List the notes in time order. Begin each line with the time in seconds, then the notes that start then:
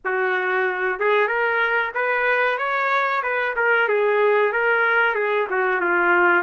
0.05 F#4
0.99 G#4
1.27 A#4
1.94 B4
2.58 C#5
3.22 B4
3.56 A#4
3.88 G#4
4.52 A#4
5.14 G#4
5.50 F#4
5.80 F4